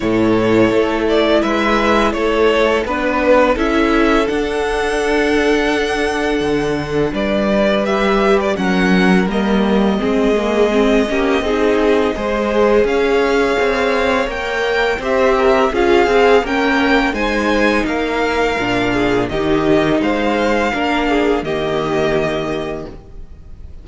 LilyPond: <<
  \new Staff \with { instrumentName = "violin" } { \time 4/4 \tempo 4 = 84 cis''4. d''8 e''4 cis''4 | b'4 e''4 fis''2~ | fis''2 d''4 e''8. d''16 | fis''4 dis''2.~ |
dis''2 f''2 | g''4 e''4 f''4 g''4 | gis''4 f''2 dis''4 | f''2 dis''2 | }
  \new Staff \with { instrumentName = "violin" } { \time 4/4 a'2 b'4 a'4 | b'4 a'2.~ | a'2 b'2 | ais'2 gis'4. g'8 |
gis'4 c''4 cis''2~ | cis''4 c''8 ais'8 gis'4 ais'4 | c''4 ais'4. gis'8 g'4 | c''4 ais'8 gis'8 g'2 | }
  \new Staff \with { instrumentName = "viola" } { \time 4/4 e'1 | d'4 e'4 d'2~ | d'2. g'4 | cis'4 ais4 c'8 ais8 c'8 cis'8 |
dis'4 gis'2. | ais'4 g'4 f'8 gis'8 cis'4 | dis'2 d'4 dis'4~ | dis'4 d'4 ais2 | }
  \new Staff \with { instrumentName = "cello" } { \time 4/4 a,4 a4 gis4 a4 | b4 cis'4 d'2~ | d'4 d4 g2 | fis4 g4 gis4. ais8 |
c'4 gis4 cis'4 c'4 | ais4 c'4 cis'8 c'8 ais4 | gis4 ais4 ais,4 dis4 | gis4 ais4 dis2 | }
>>